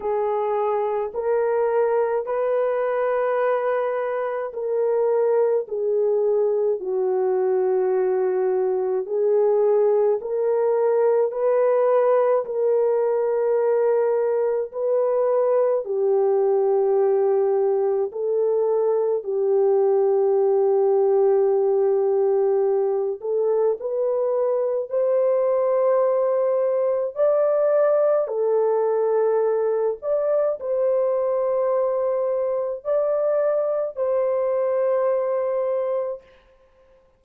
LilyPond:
\new Staff \with { instrumentName = "horn" } { \time 4/4 \tempo 4 = 53 gis'4 ais'4 b'2 | ais'4 gis'4 fis'2 | gis'4 ais'4 b'4 ais'4~ | ais'4 b'4 g'2 |
a'4 g'2.~ | g'8 a'8 b'4 c''2 | d''4 a'4. d''8 c''4~ | c''4 d''4 c''2 | }